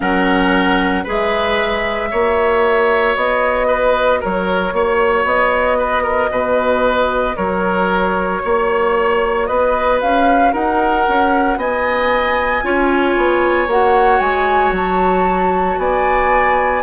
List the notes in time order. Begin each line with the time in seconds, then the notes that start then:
0.00 F#3 C#4 A#4 F#5
1.03 G#3 G#4 B4
1.10 E5
2.10 A#3 F#4 C#5
3.16 B3 D#5
3.67 B4
4.20 F#3 A#4 C#5
4.73 A#3 C#5
5.24 B3 D#5
5.77 B4
6.02 A#4
6.30 B2 B4
7.36 F#3 A#4 C#5
8.44 A#3 C#5
9.46 B3 B4 D#5
10.01 C#4 F5
10.52 D#4 A#4 F#5
11.08 C#4
11.56 B3 D#5 G#5
12.62 C#4 F4 C#5
13.17 B3
13.67 A#3 F#4 F#5
14.20 G#3 G#5
14.71 F#3 A5
15.77 B3 D5 G#5